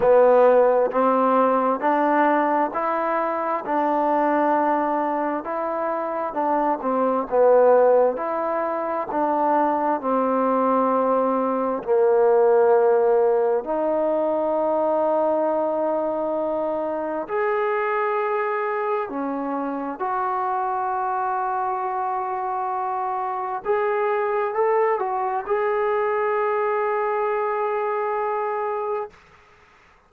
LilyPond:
\new Staff \with { instrumentName = "trombone" } { \time 4/4 \tempo 4 = 66 b4 c'4 d'4 e'4 | d'2 e'4 d'8 c'8 | b4 e'4 d'4 c'4~ | c'4 ais2 dis'4~ |
dis'2. gis'4~ | gis'4 cis'4 fis'2~ | fis'2 gis'4 a'8 fis'8 | gis'1 | }